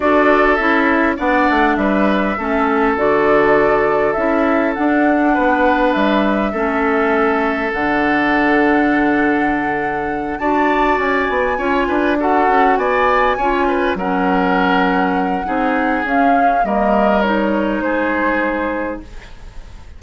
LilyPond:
<<
  \new Staff \with { instrumentName = "flute" } { \time 4/4 \tempo 4 = 101 d''4 e''4 fis''4 e''4~ | e''4 d''2 e''4 | fis''2 e''2~ | e''4 fis''2.~ |
fis''4. a''4 gis''4.~ | gis''8 fis''4 gis''2 fis''8~ | fis''2. f''4 | dis''4 cis''4 c''2 | }
  \new Staff \with { instrumentName = "oboe" } { \time 4/4 a'2 d''4 b'4 | a'1~ | a'4 b'2 a'4~ | a'1~ |
a'4. d''2 cis''8 | b'8 a'4 d''4 cis''8 b'8 ais'8~ | ais'2 gis'2 | ais'2 gis'2 | }
  \new Staff \with { instrumentName = "clarinet" } { \time 4/4 fis'4 e'4 d'2 | cis'4 fis'2 e'4 | d'2. cis'4~ | cis'4 d'2.~ |
d'4. fis'2 f'8~ | f'8 fis'2 f'4 cis'8~ | cis'2 dis'4 cis'4 | ais4 dis'2. | }
  \new Staff \with { instrumentName = "bassoon" } { \time 4/4 d'4 cis'4 b8 a8 g4 | a4 d2 cis'4 | d'4 b4 g4 a4~ | a4 d2.~ |
d4. d'4 cis'8 b8 cis'8 | d'4 cis'8 b4 cis'4 fis8~ | fis2 c'4 cis'4 | g2 gis2 | }
>>